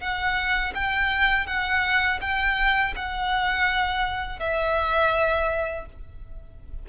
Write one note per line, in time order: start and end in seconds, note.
0.00 0.73 F#5
0.75 1.46 G5
1.46 2.20 F#5
2.21 2.94 G5
2.96 4.39 F#5
4.39 5.85 E5